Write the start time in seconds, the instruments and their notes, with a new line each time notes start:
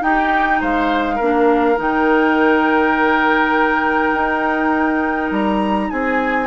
0.00 clarinet D#4, bassoon D#4, oboe G4, flute G5
0.60 bassoon G#3, oboe C5, flute F5
1.15 bassoon A#3, oboe A#4
1.21 clarinet D4
1.75 bassoon D#3, clarinet D#4, flute G5
4.14 bassoon D#4
5.31 bassoon G3, flute A#5
5.90 bassoon C4, oboe G#4, flute G#5